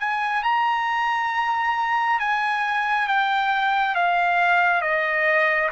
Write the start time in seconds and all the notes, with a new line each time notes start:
0.00 G#5
0.43 A#5
2.20 G#5
3.08 G5
3.95 F5
4.82 D#5